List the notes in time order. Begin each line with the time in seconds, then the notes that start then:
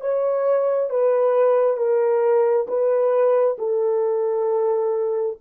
0.00 C#5
0.89 B4
1.77 A#4
2.67 B4
3.58 A4